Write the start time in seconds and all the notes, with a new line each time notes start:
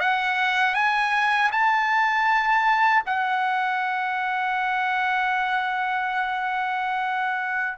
0.00 F#5
0.75 G#5
1.52 A5
3.06 F#5